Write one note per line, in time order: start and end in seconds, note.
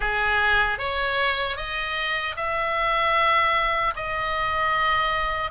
0.00 0.78 G#4
0.78 1.56 C#5
1.56 2.35 D#5
2.36 3.94 E5
3.95 5.50 D#5